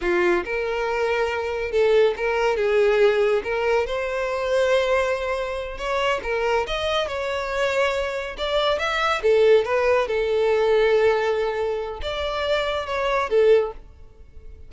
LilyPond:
\new Staff \with { instrumentName = "violin" } { \time 4/4 \tempo 4 = 140 f'4 ais'2. | a'4 ais'4 gis'2 | ais'4 c''2.~ | c''4. cis''4 ais'4 dis''8~ |
dis''8 cis''2. d''8~ | d''8 e''4 a'4 b'4 a'8~ | a'1 | d''2 cis''4 a'4 | }